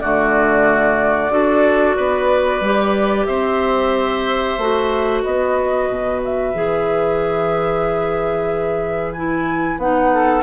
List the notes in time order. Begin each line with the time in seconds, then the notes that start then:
0.00 D3 A3 F#4 D5
1.30 D4 F#4 A4
1.96 B3 B4
2.60 G3 G4
3.25 C4 C5 E5
4.57 A3 F#4
5.23 B3 B4 D#5
5.89 B2
6.24 E5
6.54 E3 G#4
9.12 E4 G#5
9.77 B3 D#4 F#5
10.13 A4